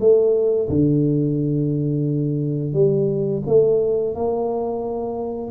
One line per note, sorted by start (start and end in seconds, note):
0.00 0.69 A3
0.69 2.73 D3
2.73 3.42 G3
3.46 4.15 A3
4.15 5.51 A#3